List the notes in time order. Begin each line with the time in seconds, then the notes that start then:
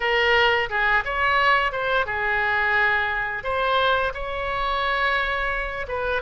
0.00 A#4
0.69 G#4
1.04 C#5
1.71 C5
2.06 G#4
3.43 C5
4.13 C#5
5.87 B4